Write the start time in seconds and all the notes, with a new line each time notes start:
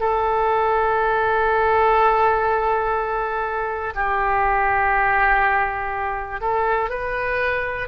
0.00 A4
3.95 G4
6.41 A4
6.89 B4